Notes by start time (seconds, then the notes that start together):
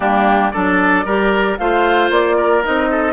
0.00 G3 A#3 D4 G4
0.51 F#3 D4 A4 D5
1.04 G3 G4 A#4
1.57 A3 F4 C5 F5
2.10 A#3 D5
2.36 A#4
2.63 C4 D#4 D#5
2.90 A4